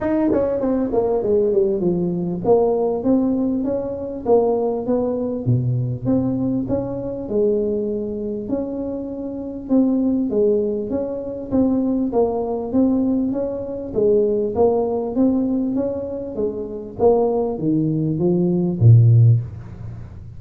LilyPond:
\new Staff \with { instrumentName = "tuba" } { \time 4/4 \tempo 4 = 99 dis'8 cis'8 c'8 ais8 gis8 g8 f4 | ais4 c'4 cis'4 ais4 | b4 b,4 c'4 cis'4 | gis2 cis'2 |
c'4 gis4 cis'4 c'4 | ais4 c'4 cis'4 gis4 | ais4 c'4 cis'4 gis4 | ais4 dis4 f4 ais,4 | }